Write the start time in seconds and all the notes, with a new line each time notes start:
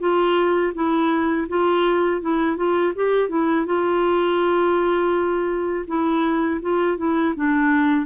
0.00 F4
0.74 E4
1.49 F4
2.22 E4
2.57 F4
2.95 G4
3.29 E4
3.66 F4
5.87 E4
6.62 F4
6.98 E4
7.36 D4